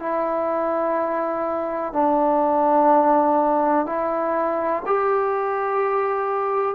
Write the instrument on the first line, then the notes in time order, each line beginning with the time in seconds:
trombone
0.00 E4
1.93 D4
3.86 E4
4.86 G4